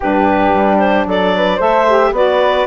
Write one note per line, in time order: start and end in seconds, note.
0.00 0.53 G2
0.00 1.59 D4
0.00 1.07 G4
0.00 0.78 B4
0.53 1.06 G3
0.78 1.05 C5
1.06 1.59 F#3
1.06 1.35 A4
1.06 1.60 D5
1.36 1.56 B4
1.56 2.11 A3
1.56 1.86 A4
1.56 2.10 C5
1.56 2.14 E5
1.88 2.14 G4
2.11 2.65 B3
2.11 2.66 F#4
2.11 2.66 B4
2.11 2.66 D5